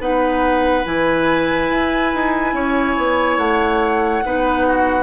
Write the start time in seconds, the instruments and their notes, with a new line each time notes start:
0.00 bassoon B3, clarinet D#4, oboe B4, flute F#5
0.85 bassoon E3, clarinet E4, flute G#5
1.71 bassoon E4
2.15 bassoon D#4
2.54 bassoon C#4, oboe C#5
2.98 bassoon B3
3.38 bassoon A3, flute F#5
4.26 bassoon B3, clarinet D#4, oboe B4
4.68 oboe F#4